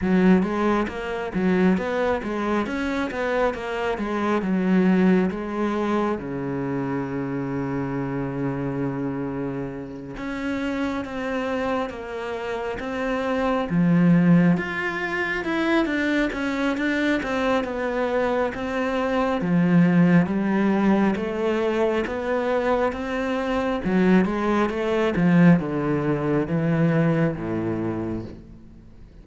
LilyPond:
\new Staff \with { instrumentName = "cello" } { \time 4/4 \tempo 4 = 68 fis8 gis8 ais8 fis8 b8 gis8 cis'8 b8 | ais8 gis8 fis4 gis4 cis4~ | cis2.~ cis8 cis'8~ | cis'8 c'4 ais4 c'4 f8~ |
f8 f'4 e'8 d'8 cis'8 d'8 c'8 | b4 c'4 f4 g4 | a4 b4 c'4 fis8 gis8 | a8 f8 d4 e4 a,4 | }